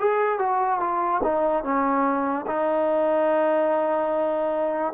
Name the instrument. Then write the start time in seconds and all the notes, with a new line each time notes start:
trombone
0.00 G#4
0.40 F#4
0.80 F4
1.24 D#4
1.64 C#4
2.47 D#4